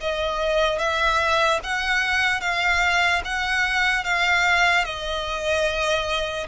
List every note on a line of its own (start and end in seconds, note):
0.00 0.78 D#5
0.78 1.59 E5
1.63 2.40 F#5
2.40 3.21 F5
3.24 4.04 F#5
4.04 4.84 F5
4.84 6.46 D#5